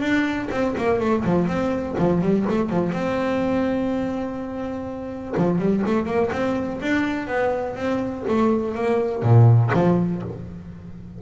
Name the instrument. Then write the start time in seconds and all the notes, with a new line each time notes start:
double bass
0.00 D4
0.51 C4
0.77 A#3
1.00 A3
1.24 F3
1.47 C4
1.98 F3
2.21 G3
2.49 A3
2.69 F3
2.93 C4
5.37 F3
5.59 G3
5.86 A3
6.06 A#3
6.32 C4
6.81 D4
7.27 B3
7.76 C4
8.28 A3
8.74 A#3
9.22 A#2
9.74 F3